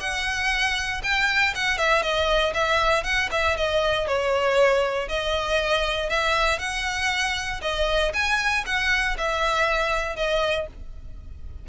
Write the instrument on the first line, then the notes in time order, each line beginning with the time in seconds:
violin
0.00 F#5
1.03 G5
1.55 F#5
1.78 E5
2.02 D#5
2.54 E5
3.04 F#5
3.32 E5
3.57 D#5
4.07 C#5
5.08 D#5
6.10 E5
6.59 F#5
7.62 D#5
8.14 G#5
8.66 F#5
9.18 E5
10.16 D#5